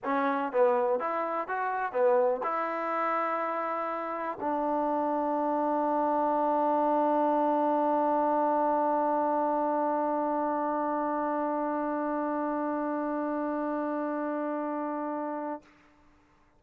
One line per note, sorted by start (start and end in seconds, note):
0.04 0.52 C#4
0.52 0.99 B3
0.99 1.47 E4
1.47 1.92 F#4
1.92 2.41 B3
2.43 4.38 E4
4.40 15.62 D4